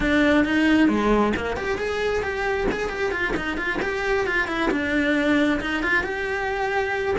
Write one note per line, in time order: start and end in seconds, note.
0.00 0.45 D4
0.45 0.88 D#4
0.88 1.33 G#3
1.36 1.56 A#3
1.56 1.78 G4
1.78 2.22 G#4
2.22 2.67 G4
2.71 2.89 G#4
2.89 3.11 G4
3.11 3.34 F4
3.36 3.57 D#4
3.57 3.79 F4
3.82 4.26 G4
4.26 4.47 F4
4.47 4.70 E4
4.70 5.60 D4
5.60 5.82 D#4
5.82 6.03 F4
6.03 7.15 G4